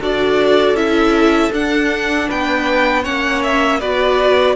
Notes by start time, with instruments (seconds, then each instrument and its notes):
0.00 cello D4, viola F#4, violin A4 D5
0.73 cello C#4, viola E4, violin E5
1.52 cello D4, viola D4, violin F#5
2.28 cello B3, violin B4 G5
3.03 cello A#3, viola C#4, violin C#5 F#5
3.43 violin E5
3.79 cello B3, viola F#4, violin B4 D5